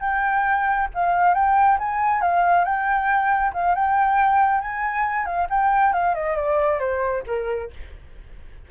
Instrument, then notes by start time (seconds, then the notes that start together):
flute
0.00 G5
0.94 F5
1.34 G5
1.78 G#5
2.21 F5
2.64 G5
3.53 F5
3.75 G5
4.61 G#5
5.26 F5
5.50 G5
5.93 F5
6.15 D#5
6.36 D5
6.79 C5
7.27 A#4